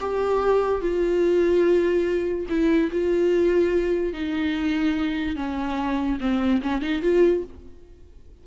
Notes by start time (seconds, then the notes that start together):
0.00 G4
0.81 F4
2.49 E4
2.92 F4
4.13 D#4
5.36 C#4
6.20 C4
6.62 C#4
6.82 D#4
7.02 F4